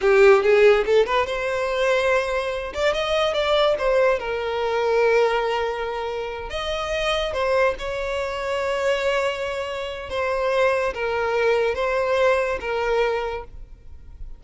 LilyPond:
\new Staff \with { instrumentName = "violin" } { \time 4/4 \tempo 4 = 143 g'4 gis'4 a'8 b'8 c''4~ | c''2~ c''8 d''8 dis''4 | d''4 c''4 ais'2~ | ais'2.~ ais'8 dis''8~ |
dis''4. c''4 cis''4.~ | cis''1 | c''2 ais'2 | c''2 ais'2 | }